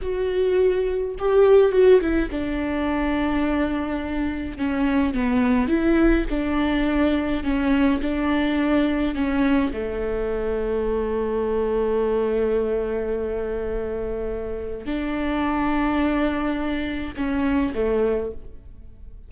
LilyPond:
\new Staff \with { instrumentName = "viola" } { \time 4/4 \tempo 4 = 105 fis'2 g'4 fis'8 e'8 | d'1 | cis'4 b4 e'4 d'4~ | d'4 cis'4 d'2 |
cis'4 a2.~ | a1~ | a2 d'2~ | d'2 cis'4 a4 | }